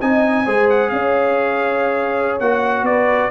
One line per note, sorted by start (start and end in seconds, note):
0.00 0.46 C4
0.00 0.46 D#4
0.00 0.45 D#5
0.00 0.69 G#5
0.45 0.91 G#3
0.45 2.41 G#4
0.45 0.91 C5
0.70 0.90 F#5
0.90 2.40 C#4
0.90 2.88 C#5
0.90 2.38 F5
2.40 2.83 A#3
2.40 3.31 F#4
2.40 2.85 F#5
2.83 3.28 B3
2.83 3.31 B4
2.83 3.31 D5